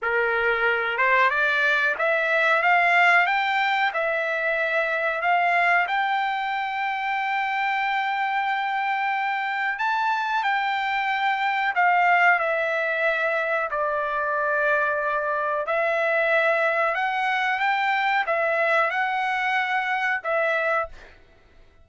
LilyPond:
\new Staff \with { instrumentName = "trumpet" } { \time 4/4 \tempo 4 = 92 ais'4. c''8 d''4 e''4 | f''4 g''4 e''2 | f''4 g''2.~ | g''2. a''4 |
g''2 f''4 e''4~ | e''4 d''2. | e''2 fis''4 g''4 | e''4 fis''2 e''4 | }